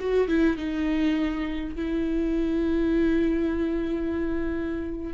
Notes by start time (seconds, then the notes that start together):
0.00 F#4
0.28 E4
0.57 D#4
1.76 E4